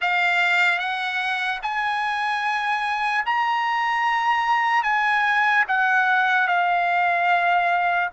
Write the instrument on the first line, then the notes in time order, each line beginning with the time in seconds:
trumpet
0.01 F5
0.78 F#5
1.62 G#5
3.25 A#5
4.83 G#5
5.68 F#5
6.47 F5